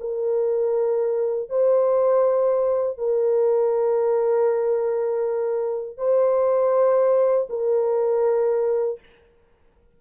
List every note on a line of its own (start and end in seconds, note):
0.00 1.49 A#4
1.49 2.98 C5
2.98 5.97 A#4
5.97 7.47 C5
7.49 8.99 A#4